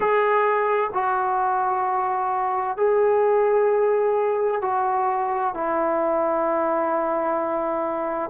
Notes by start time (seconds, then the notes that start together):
0.00 G#4
0.93 F#4
2.77 G#4
4.62 F#4
5.54 E4